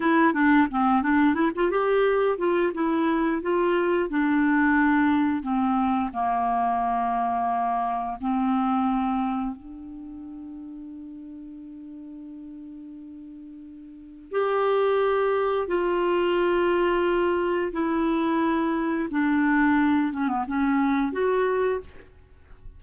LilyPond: \new Staff \with { instrumentName = "clarinet" } { \time 4/4 \tempo 4 = 88 e'8 d'8 c'8 d'8 e'16 f'16 g'4 f'8 | e'4 f'4 d'2 | c'4 ais2. | c'2 d'2~ |
d'1~ | d'4 g'2 f'4~ | f'2 e'2 | d'4. cis'16 b16 cis'4 fis'4 | }